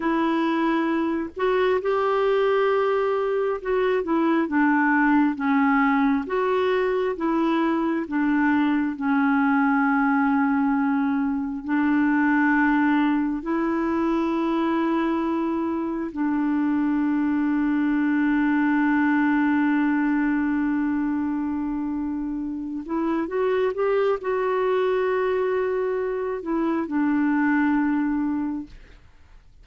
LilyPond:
\new Staff \with { instrumentName = "clarinet" } { \time 4/4 \tempo 4 = 67 e'4. fis'8 g'2 | fis'8 e'8 d'4 cis'4 fis'4 | e'4 d'4 cis'2~ | cis'4 d'2 e'4~ |
e'2 d'2~ | d'1~ | d'4. e'8 fis'8 g'8 fis'4~ | fis'4. e'8 d'2 | }